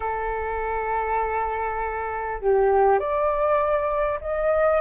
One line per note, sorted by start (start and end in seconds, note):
0.00 2.40 A4
2.40 2.99 G4
2.99 4.19 D5
4.21 4.80 D#5